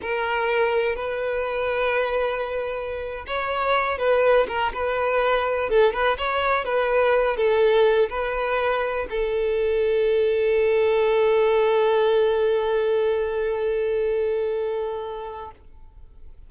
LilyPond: \new Staff \with { instrumentName = "violin" } { \time 4/4 \tempo 4 = 124 ais'2 b'2~ | b'2~ b'8. cis''4~ cis''16~ | cis''16 b'4 ais'8 b'2 a'16~ | a'16 b'8 cis''4 b'4. a'8.~ |
a'8. b'2 a'4~ a'16~ | a'1~ | a'1~ | a'1 | }